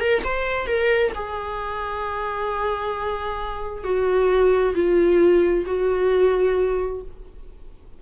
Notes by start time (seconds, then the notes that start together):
0.00 A#4
0.24 C5
0.67 A#4
1.15 G#4
3.84 F#4
4.75 F4
5.66 F#4